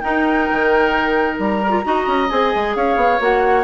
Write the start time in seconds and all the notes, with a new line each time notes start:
0.00 D#4 A#4 G5
0.51 D#3
1.38 G3 A#5
1.62 A#4
1.70 F4
1.83 D#4 F#4 D#5
2.07 C#4
2.29 C4 G#4 G#5
2.55 G#3
2.75 C#4 C#5 F5
2.96 B3
3.19 A#3 F#4 F#5